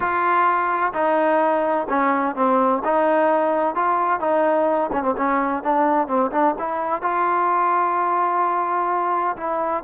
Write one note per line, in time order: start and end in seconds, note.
0.00 0.92 F4
0.93 1.87 D#4
1.89 2.35 C#4
2.35 2.82 C4
2.84 3.75 D#4
3.75 4.20 F4
4.20 4.90 D#4
4.92 5.02 C#4
5.02 5.14 C4
5.17 5.63 C#4
5.63 6.07 D4
6.07 6.30 C4
6.31 6.55 D4
6.59 7.02 E4
7.02 9.36 F4
9.36 9.83 E4